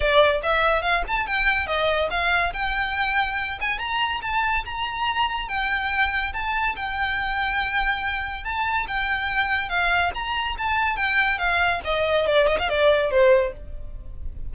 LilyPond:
\new Staff \with { instrumentName = "violin" } { \time 4/4 \tempo 4 = 142 d''4 e''4 f''8 a''8 g''4 | dis''4 f''4 g''2~ | g''8 gis''8 ais''4 a''4 ais''4~ | ais''4 g''2 a''4 |
g''1 | a''4 g''2 f''4 | ais''4 a''4 g''4 f''4 | dis''4 d''8 dis''16 f''16 d''4 c''4 | }